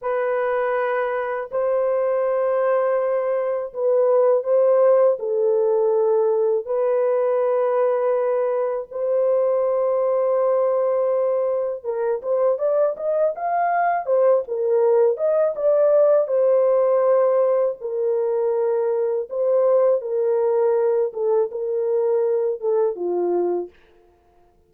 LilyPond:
\new Staff \with { instrumentName = "horn" } { \time 4/4 \tempo 4 = 81 b'2 c''2~ | c''4 b'4 c''4 a'4~ | a'4 b'2. | c''1 |
ais'8 c''8 d''8 dis''8 f''4 c''8 ais'8~ | ais'8 dis''8 d''4 c''2 | ais'2 c''4 ais'4~ | ais'8 a'8 ais'4. a'8 f'4 | }